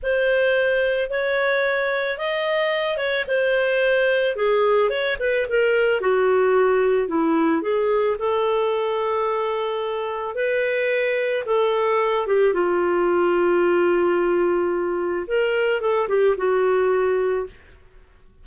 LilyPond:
\new Staff \with { instrumentName = "clarinet" } { \time 4/4 \tempo 4 = 110 c''2 cis''2 | dis''4. cis''8 c''2 | gis'4 cis''8 b'8 ais'4 fis'4~ | fis'4 e'4 gis'4 a'4~ |
a'2. b'4~ | b'4 a'4. g'8 f'4~ | f'1 | ais'4 a'8 g'8 fis'2 | }